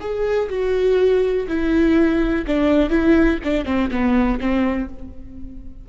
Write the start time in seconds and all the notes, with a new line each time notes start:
0.00 G#4
0.49 F#4
1.47 E4
2.47 D4
2.90 E4
3.43 D4
3.65 C4
3.90 B3
4.40 C4